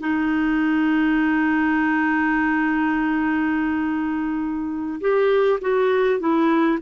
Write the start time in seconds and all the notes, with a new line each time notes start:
0.00 D#4
5.01 G4
5.61 F#4
6.20 E4